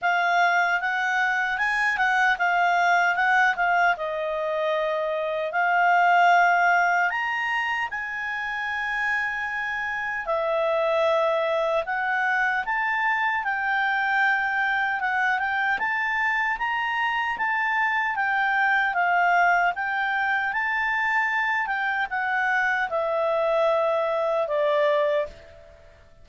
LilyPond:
\new Staff \with { instrumentName = "clarinet" } { \time 4/4 \tempo 4 = 76 f''4 fis''4 gis''8 fis''8 f''4 | fis''8 f''8 dis''2 f''4~ | f''4 ais''4 gis''2~ | gis''4 e''2 fis''4 |
a''4 g''2 fis''8 g''8 | a''4 ais''4 a''4 g''4 | f''4 g''4 a''4. g''8 | fis''4 e''2 d''4 | }